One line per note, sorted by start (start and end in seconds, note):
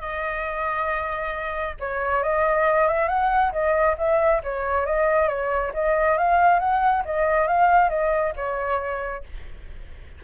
0.00 1.75 D#5
1.80 2.23 C#5
2.23 2.87 D#5
2.87 3.08 E5
3.08 3.52 F#5
3.52 3.96 D#5
3.98 4.41 E5
4.43 4.85 C#5
4.85 5.28 D#5
5.28 5.72 C#5
5.74 6.17 D#5
6.17 6.59 F5
6.59 7.03 F#5
7.05 7.47 D#5
7.47 7.89 F5
7.89 8.33 D#5
8.36 9.23 C#5